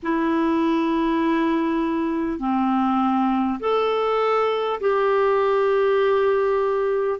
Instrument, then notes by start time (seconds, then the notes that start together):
clarinet
0.02 E4
2.39 C4
3.60 A4
4.80 G4